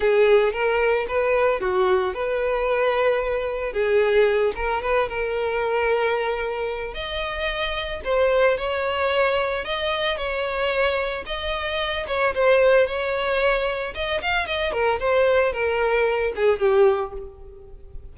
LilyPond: \new Staff \with { instrumentName = "violin" } { \time 4/4 \tempo 4 = 112 gis'4 ais'4 b'4 fis'4 | b'2. gis'4~ | gis'8 ais'8 b'8 ais'2~ ais'8~ | ais'4 dis''2 c''4 |
cis''2 dis''4 cis''4~ | cis''4 dis''4. cis''8 c''4 | cis''2 dis''8 f''8 dis''8 ais'8 | c''4 ais'4. gis'8 g'4 | }